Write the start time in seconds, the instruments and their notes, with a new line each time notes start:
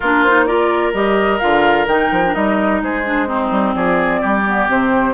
0.00 bassoon A#3, clarinet D4, oboe F4, flute A#4
0.23 clarinet D#4, flute C5
0.45 clarinet F4, oboe A#4, flute D5
0.93 bassoon G3, clarinet G4, flute D#5
1.39 bassoon D3, clarinet F4, flute F5
1.87 bassoon D#3, clarinet D#4, flute G5
2.11 bassoon F3
2.24 clarinet D4
2.33 bassoon G3, clarinet D#4, flute D#5
2.82 bassoon G#3, oboe G#4, flute C5
3.04 clarinet D4
3.27 clarinet C4, oboe D#4
3.50 bassoon G3
3.74 bassoon F3, oboe G#4, flute D5
4.21 bassoon G3, oboe G4
4.46 clarinet B3
4.68 bassoon C3, clarinet C4, flute C5